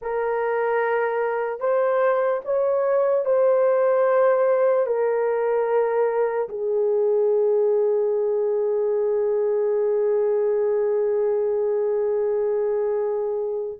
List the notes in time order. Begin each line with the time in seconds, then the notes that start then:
0.01 A#4
1.60 C5
2.45 C#5
3.25 C5
4.86 A#4
6.48 G#4